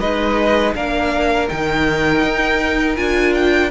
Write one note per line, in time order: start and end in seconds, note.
0.00 0.75 G#3
0.00 0.75 D#4
0.00 0.74 B4
0.00 0.74 D#5
0.75 1.49 A#3
0.75 1.49 D4
0.75 3.71 A#4
0.75 1.49 F5
1.49 2.23 D#3
1.49 2.97 D#4
1.49 2.96 G5
2.23 2.97 D#4
2.96 3.71 D4
2.96 3.71 F4
2.96 3.33 G#5
3.34 3.71 G5